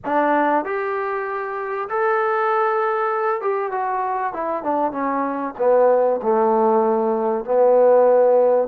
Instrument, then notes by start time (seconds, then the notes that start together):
trombone
0.04 D4
0.65 G4
1.89 A4
3.41 G4
3.71 F#4
4.33 E4
4.63 D4
4.91 C#4
5.58 B3
6.22 A3
7.44 B3